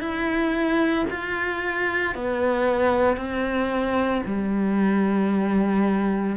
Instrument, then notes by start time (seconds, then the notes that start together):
cello
0.00 E4
1.10 F4
2.14 B3
3.16 C4
4.26 G3